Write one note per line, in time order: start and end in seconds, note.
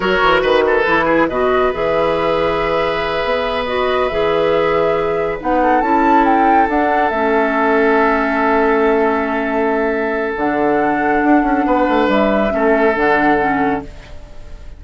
0.00 0.19 F#3
0.00 0.82 F#4
0.00 0.42 A#4
0.00 0.42 C#5
0.22 0.42 E3
0.42 0.85 D#3
0.42 0.63 B4
0.42 1.29 B4
0.66 1.05 A4
0.86 1.28 E3
0.86 1.30 E4
1.05 1.26 G#4
1.28 1.71 B2
1.28 1.72 F#4
1.28 5.61 B4
1.28 1.72 D#5
1.72 3.24 E3
1.72 3.66 G#4
1.72 3.65 E5
3.24 4.10 B3
3.65 4.10 F#4
3.65 4.08 D#5
4.08 5.40 E3
4.08 5.39 G#4
4.08 5.37 E5
5.39 5.81 B3
5.39 5.82 D#4
5.39 5.81 F#5
5.62 11.66 A4
5.81 6.67 C#4
5.81 6.68 E4
5.81 6.24 A5
6.24 6.67 G5
6.68 7.10 D4
6.68 7.12 D4
6.68 7.09 F#5
7.09 10.34 A3
7.09 10.37 C#4
7.09 10.33 E5
10.36 11.22 D3
10.36 12.49 D4
10.36 12.09 F#5
11.23 11.42 D4
11.42 11.64 C#4
11.65 11.87 B3
11.65 12.52 B4
11.88 12.08 A3
12.08 12.51 G3
12.08 12.95 E5
12.49 12.96 A3
12.49 12.92 C#4
12.49 13.84 A4
12.95 13.82 D3
12.95 13.38 D4
12.95 13.82 F#5
13.38 13.82 C#4